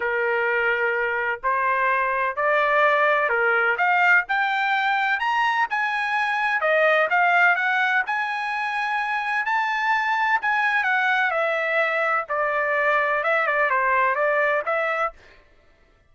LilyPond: \new Staff \with { instrumentName = "trumpet" } { \time 4/4 \tempo 4 = 127 ais'2. c''4~ | c''4 d''2 ais'4 | f''4 g''2 ais''4 | gis''2 dis''4 f''4 |
fis''4 gis''2. | a''2 gis''4 fis''4 | e''2 d''2 | e''8 d''8 c''4 d''4 e''4 | }